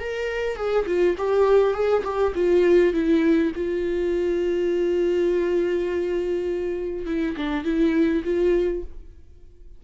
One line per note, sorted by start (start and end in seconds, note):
0.00 0.57 A#4
0.57 0.86 G#4
0.87 1.16 F4
1.18 1.74 G4
1.74 2.03 G#4
2.04 2.33 G4
2.36 2.94 F4
2.94 3.53 E4
3.56 7.07 F4
7.07 7.36 E4
7.37 7.64 D4
7.64 8.23 E4
8.25 8.83 F4